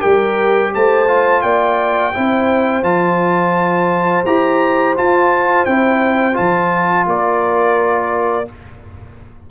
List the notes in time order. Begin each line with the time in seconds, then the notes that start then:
0.00 G3 G4 A#4 G5
0.75 A3 C5 A5
1.07 F4
1.42 A#3 D5 G5
2.14 C4 E4 C5
2.83 F3 F4 A5
4.26 E4 G4 A#5
4.96 F4 A5
5.66 C4 E4 G5
6.34 F3 F4 A5
7.06 A#3 A#4 D5